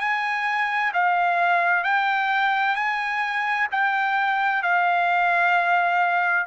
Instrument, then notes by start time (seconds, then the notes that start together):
trumpet
0.00 G#5
0.93 F5
1.84 G5
2.75 G#5
3.71 G5
4.62 F5